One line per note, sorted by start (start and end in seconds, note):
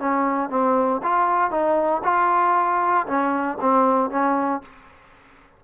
0.00 0.50 C#4
0.50 1.01 C4
1.03 1.51 F4
1.51 2.03 D#4
2.04 3.07 F4
3.07 3.59 C#4
3.61 4.11 C4
4.11 4.62 C#4